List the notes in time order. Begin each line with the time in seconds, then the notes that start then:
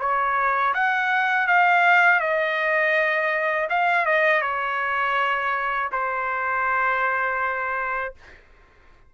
0.00 C#5
0.74 F#5
1.47 F5
2.21 D#5
3.70 F5
4.06 D#5
4.42 C#5
5.92 C5